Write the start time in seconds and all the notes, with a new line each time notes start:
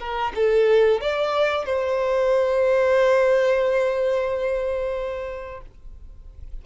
0.00 A#4
0.36 A4
1.01 D5
1.66 C5